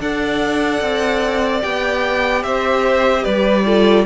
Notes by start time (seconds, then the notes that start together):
0.00 D4 A4 D5 F#5
0.81 C4
1.61 B3 G4 G5
2.43 C4 C5 E5
3.23 G3 B4 D5
3.65 F4 A4